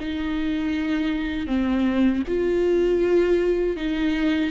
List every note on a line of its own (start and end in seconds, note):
0.00 1.47 D#4
1.47 2.23 C4
2.28 3.77 F4
3.77 4.51 D#4